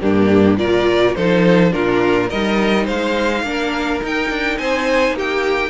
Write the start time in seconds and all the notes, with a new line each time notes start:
0.00 G2 A#3 D4 G4
0.58 A#2 F4 A#4 D5
1.15 F3 D#4 A4 C5
1.71 A#2 D4 F4 A#4
2.28 G3 D#4 A#4 D#5
2.85 G#3 C5 F5
3.43 A#3 D4 A#4
4.01 D#4 G5
4.30 D4
4.58 C4 C5 G#5
5.11 A#3 G4
5.19 G5